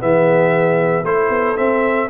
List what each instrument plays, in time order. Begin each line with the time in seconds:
0.00 tuba E3, trombone B3, horn G#4, trumpet E5
1.04 tuba A3, trombone E4, horn A4, trumpet C5
1.30 tuba B3
1.56 trombone C4, tuba C4, trumpet E5